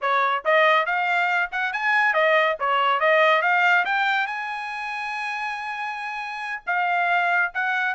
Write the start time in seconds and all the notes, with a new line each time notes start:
0.01 C#5
0.44 D#5
0.86 F5
1.51 F#5
1.72 G#5
2.13 D#5
2.59 C#5
3.00 D#5
3.42 F5
3.85 G5
4.26 G#5
6.66 F5
7.54 F#5